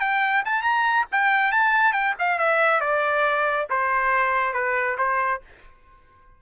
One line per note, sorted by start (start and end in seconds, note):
0.00 0.43 G5
0.45 0.62 A5
0.62 1.06 A#5
1.12 1.52 G5
1.52 1.93 A5
1.93 2.14 G5
2.19 2.39 F5
2.39 2.81 E5
2.81 3.67 D5
3.70 4.53 C5
4.53 4.97 B4
4.98 5.41 C5